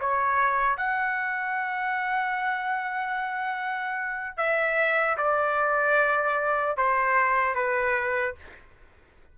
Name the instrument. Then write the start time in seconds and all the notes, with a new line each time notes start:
trumpet
0.00 C#5
0.77 F#5
4.37 E5
5.17 D5
6.77 C5
7.55 B4